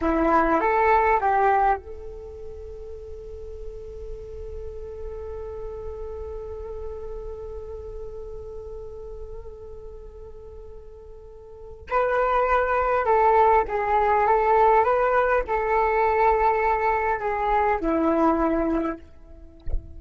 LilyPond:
\new Staff \with { instrumentName = "flute" } { \time 4/4 \tempo 4 = 101 e'4 a'4 g'4 a'4~ | a'1~ | a'1~ | a'1~ |
a'1 | b'2 a'4 gis'4 | a'4 b'4 a'2~ | a'4 gis'4 e'2 | }